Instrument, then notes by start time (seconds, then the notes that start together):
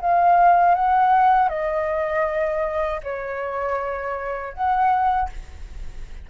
flute
0.00 F5
0.75 F#5
1.49 D#5
3.03 C#5
4.53 F#5